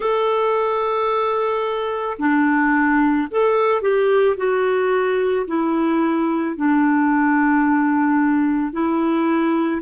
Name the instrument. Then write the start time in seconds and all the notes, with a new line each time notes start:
clarinet
0.00 A4
2.18 D4
3.30 A4
3.81 G4
4.36 F#4
5.47 E4
6.56 D4
8.72 E4